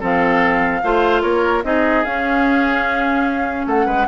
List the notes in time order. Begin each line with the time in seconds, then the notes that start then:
0.00 F3 C4 A4 F5
0.83 A3 F4 C5
1.22 A#3 A#4 C#5
1.64 C4 D#4 G#4 D#5
2.05 C#4 F5
3.67 A3 A4 F#5
3.86 G#3 B4